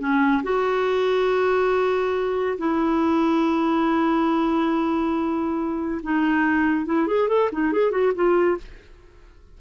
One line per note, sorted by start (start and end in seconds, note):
0.00 0.43 C#4
0.44 2.58 F#4
2.59 6.02 E4
6.03 6.86 D#4
6.86 7.08 E4
7.08 7.29 G#4
7.29 7.50 A4
7.53 7.73 D#4
7.73 7.91 G#4
7.91 8.13 F#4
8.15 8.58 F4